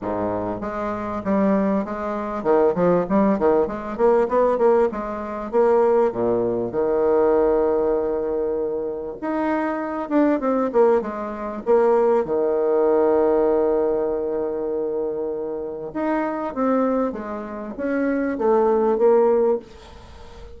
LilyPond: \new Staff \with { instrumentName = "bassoon" } { \time 4/4 \tempo 4 = 98 gis,4 gis4 g4 gis4 | dis8 f8 g8 dis8 gis8 ais8 b8 ais8 | gis4 ais4 ais,4 dis4~ | dis2. dis'4~ |
dis'8 d'8 c'8 ais8 gis4 ais4 | dis1~ | dis2 dis'4 c'4 | gis4 cis'4 a4 ais4 | }